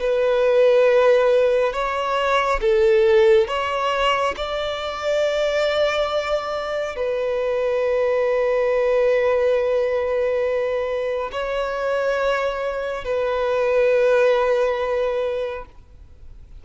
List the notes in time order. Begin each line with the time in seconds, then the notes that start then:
0.00 B4
1.73 C#5
2.61 A4
3.48 C#5
4.37 D5
6.96 B4
11.32 C#5
13.04 B4